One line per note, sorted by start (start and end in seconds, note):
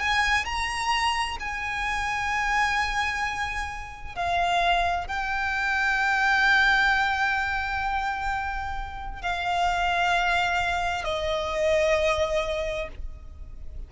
0.00 0.45 G#5
0.45 1.38 A#5
1.40 4.16 G#5
4.16 5.07 F5
5.07 9.22 G5
9.22 11.04 F5
11.04 12.89 D#5